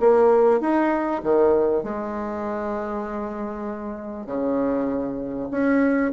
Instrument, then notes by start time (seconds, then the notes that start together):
bassoon
0.00 A#3
0.60 D#4
1.23 D#3
1.83 G#3
4.26 C#3
5.50 C#4